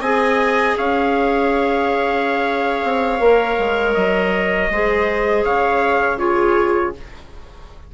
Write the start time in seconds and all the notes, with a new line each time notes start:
0.00 C4 G#4 D#5 G#5
0.78 C#4 C#5 F5
2.84 C4
3.20 A#3 A#4
3.58 G#3
3.94 F#3 D#5
4.70 G#3 G#4 C5
5.44 C#3 C#5 F5
6.17 F4 G#4 C#5